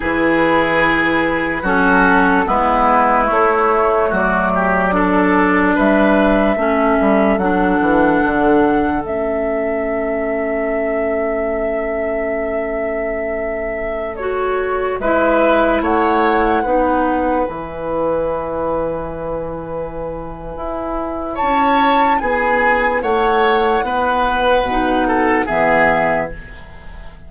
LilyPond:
<<
  \new Staff \with { instrumentName = "flute" } { \time 4/4 \tempo 4 = 73 b'2 a'4 b'4 | cis''4 d''2 e''4~ | e''4 fis''2 e''4~ | e''1~ |
e''4~ e''16 cis''4 e''4 fis''8.~ | fis''4~ fis''16 gis''2~ gis''8.~ | gis''2 a''4 gis''4 | fis''2. e''4 | }
  \new Staff \with { instrumentName = "oboe" } { \time 4/4 gis'2 fis'4 e'4~ | e'4 fis'8 g'8 a'4 b'4 | a'1~ | a'1~ |
a'2~ a'16 b'4 cis''8.~ | cis''16 b'2.~ b'8.~ | b'2 cis''4 gis'4 | cis''4 b'4. a'8 gis'4 | }
  \new Staff \with { instrumentName = "clarinet" } { \time 4/4 e'2 cis'4 b4 | a2 d'2 | cis'4 d'2 cis'4~ | cis'1~ |
cis'4~ cis'16 fis'4 e'4.~ e'16~ | e'16 dis'4 e'2~ e'8.~ | e'1~ | e'2 dis'4 b4 | }
  \new Staff \with { instrumentName = "bassoon" } { \time 4/4 e2 fis4 gis4 | a4 fis2 g4 | a8 g8 fis8 e8 d4 a4~ | a1~ |
a2~ a16 gis4 a8.~ | a16 b4 e2~ e8.~ | e4 e'4 cis'4 b4 | a4 b4 b,4 e4 | }
>>